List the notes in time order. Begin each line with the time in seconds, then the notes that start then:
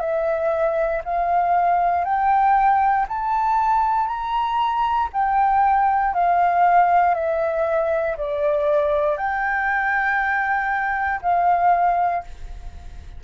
0.00 E5
1.04 F5
2.04 G5
3.08 A5
4.07 A#5
5.13 G5
6.14 F5
7.15 E5
8.17 D5
9.17 G5
11.22 F5